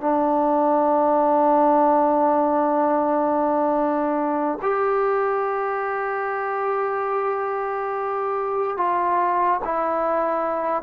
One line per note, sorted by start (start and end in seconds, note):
0.00 4.58 D4
4.62 8.77 G4
8.77 9.60 F4
9.64 10.82 E4